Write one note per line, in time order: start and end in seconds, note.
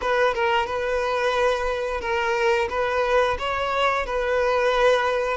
0.01 0.34 B4
0.34 0.66 A#4
0.66 2.00 B4
2.00 2.68 A#4
2.69 3.37 B4
3.39 4.06 C#5
4.06 5.37 B4